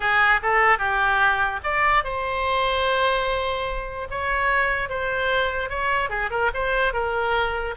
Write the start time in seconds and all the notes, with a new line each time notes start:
0.00 G#4
0.42 A4
0.78 G4
1.63 D5
2.03 C5
4.10 C#5
4.89 C5
5.69 C#5
6.09 G#4
6.30 A#4
6.54 C5
6.93 A#4